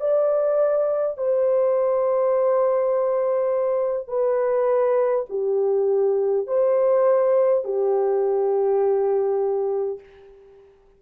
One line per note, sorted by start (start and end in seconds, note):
0.00 1.17 D5
1.17 4.08 C5
4.08 5.26 B4
5.29 6.47 G4
6.47 7.64 C5
7.64 9.99 G4